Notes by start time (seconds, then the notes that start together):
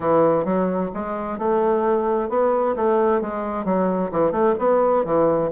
0.00 E3
0.44 F#3
0.94 G#3
1.38 A3
2.29 B3
2.75 A3
3.21 G#3
3.65 F#3
4.11 E3
4.31 A3
4.58 B3
5.05 E3